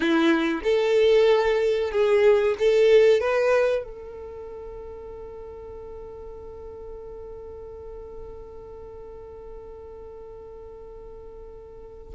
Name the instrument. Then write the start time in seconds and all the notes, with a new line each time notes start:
violin
0.00 E4
0.63 A4
1.91 G#4
2.59 A4
3.20 B4
3.84 A4